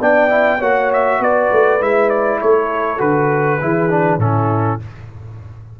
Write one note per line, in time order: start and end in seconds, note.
0.00 0.60 B3
0.00 0.29 D4
0.00 0.58 D5
0.00 0.61 G5
0.29 0.59 E4
0.58 1.20 A#3
0.58 1.80 F#4
0.58 1.18 C#5
0.58 0.92 F#5
0.92 1.22 E5
1.20 1.50 B3
1.20 2.41 B4
1.20 1.82 D5
1.51 1.80 A3
1.80 2.40 G#3
1.80 2.98 E4
1.80 2.09 E5
2.09 2.39 D5
2.41 3.00 A3
2.41 3.61 A4
2.41 3.00 C#5
2.98 3.60 D3
2.98 3.58 F#4
2.98 4.20 B4
3.61 4.17 E3
3.61 3.90 E4
3.61 4.20 G#4
3.90 4.19 D4
4.17 4.77 A2
4.17 4.79 C#4
4.17 4.80 E4
4.17 4.80 A4